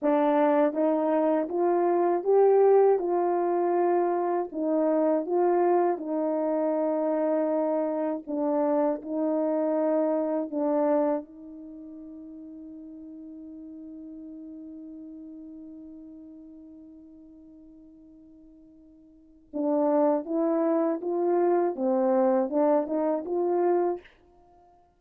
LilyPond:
\new Staff \with { instrumentName = "horn" } { \time 4/4 \tempo 4 = 80 d'4 dis'4 f'4 g'4 | f'2 dis'4 f'4 | dis'2. d'4 | dis'2 d'4 dis'4~ |
dis'1~ | dis'1~ | dis'2 d'4 e'4 | f'4 c'4 d'8 dis'8 f'4 | }